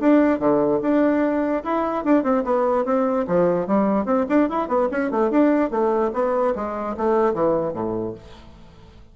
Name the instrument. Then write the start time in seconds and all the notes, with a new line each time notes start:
bassoon
0.00 D4
0.39 D3
0.82 D4
1.64 E4
2.04 D4
2.23 C4
2.44 B3
2.85 C4
3.27 F3
3.67 G3
4.05 C4
4.29 D4
4.49 E4
4.68 B3
4.91 C#4
5.11 A3
5.30 D4
5.70 A3
6.13 B3
6.55 G#3
6.97 A3
7.33 E3
7.73 A2